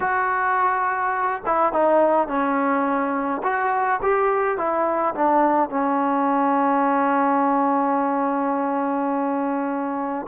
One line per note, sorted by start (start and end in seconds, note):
0.00 1.42 F#4
1.45 1.72 E4
1.72 2.27 D#4
2.27 3.42 C#4
3.43 4.00 F#4
4.02 4.57 G4
4.57 5.14 E4
5.15 5.69 D4
5.69 10.26 C#4